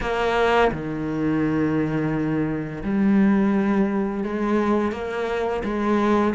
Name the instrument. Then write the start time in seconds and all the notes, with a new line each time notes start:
cello
0.00 A#3
0.71 D#3
2.83 G3
4.23 G#3
4.92 A#3
5.63 G#3